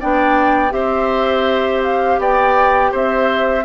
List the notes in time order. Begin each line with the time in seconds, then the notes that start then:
0.00 B3 D4 D5 G5
0.70 C4 G4 C5 E5
1.84 F5
2.19 B3 D5 G5
2.92 C4 C5 E5